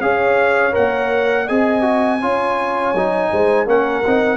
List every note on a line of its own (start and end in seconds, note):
0.00 0.73 C#4
0.00 0.72 G#4
0.00 1.46 C#5
0.00 0.74 F5
0.72 1.50 A#3
0.72 1.45 A#4
0.72 1.48 F#5
1.46 2.23 C4
1.46 1.81 G#4
1.46 2.19 D#5
1.46 3.67 G#5
1.81 2.18 F#4
2.21 2.94 C#4
2.21 2.95 F4
2.21 3.31 C#5
2.94 3.30 F#3
2.94 3.66 D#4
3.31 3.66 G#3
3.31 3.66 C5
3.66 4.03 A#3
3.66 4.03 C#4
3.66 4.37 A#4
3.66 4.37 F#5
4.06 4.37 C4
4.06 4.37 D#4